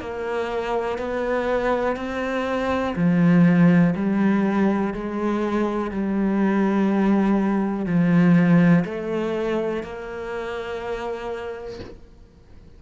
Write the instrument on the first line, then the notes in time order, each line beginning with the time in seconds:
cello
0.00 A#3
0.98 B3
1.96 C4
2.96 F3
3.95 G3
4.94 G#3
5.91 G3
7.86 F3
8.84 A3
9.83 A#3